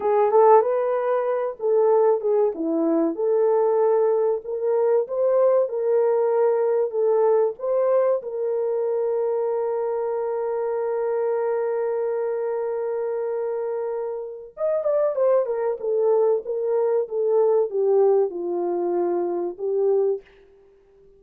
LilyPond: \new Staff \with { instrumentName = "horn" } { \time 4/4 \tempo 4 = 95 gis'8 a'8 b'4. a'4 gis'8 | e'4 a'2 ais'4 | c''4 ais'2 a'4 | c''4 ais'2.~ |
ais'1~ | ais'2. dis''8 d''8 | c''8 ais'8 a'4 ais'4 a'4 | g'4 f'2 g'4 | }